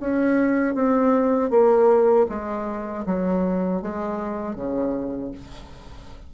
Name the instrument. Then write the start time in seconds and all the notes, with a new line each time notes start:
bassoon
0.00 C#4
0.74 C4
1.50 A#3
2.29 G#3
3.06 F#3
3.81 G#3
4.55 C#3